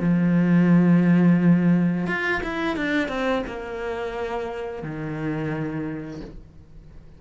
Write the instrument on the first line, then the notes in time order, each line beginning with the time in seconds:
cello
0.00 F3
2.07 F4
2.43 E4
2.76 D4
3.08 C4
3.47 A#3
4.83 D#3